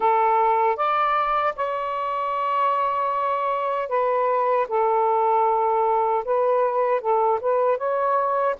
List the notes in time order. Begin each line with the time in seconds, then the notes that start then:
0.00 A4
0.76 D5
1.55 C#5
3.88 B4
4.68 A4
6.24 B4
7.00 A4
7.41 B4
7.77 C#5